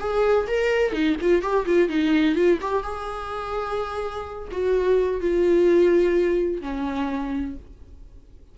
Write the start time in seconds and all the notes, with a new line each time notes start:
0.00 G#4
0.48 A#4
0.93 D#4
1.21 F4
1.42 G4
1.66 F4
1.89 D#4
2.36 F4
2.61 G4
2.83 G#4
4.52 F#4
5.21 F4
6.62 C#4